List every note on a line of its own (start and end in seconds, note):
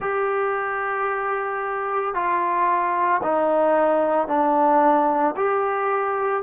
0.00 2.14 G4
2.14 3.21 F4
3.22 4.27 D#4
4.27 5.34 D4
5.36 6.42 G4